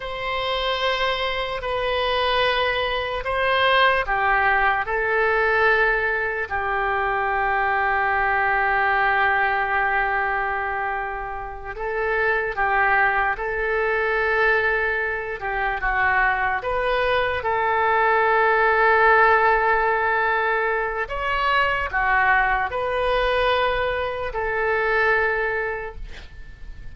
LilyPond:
\new Staff \with { instrumentName = "oboe" } { \time 4/4 \tempo 4 = 74 c''2 b'2 | c''4 g'4 a'2 | g'1~ | g'2~ g'8 a'4 g'8~ |
g'8 a'2~ a'8 g'8 fis'8~ | fis'8 b'4 a'2~ a'8~ | a'2 cis''4 fis'4 | b'2 a'2 | }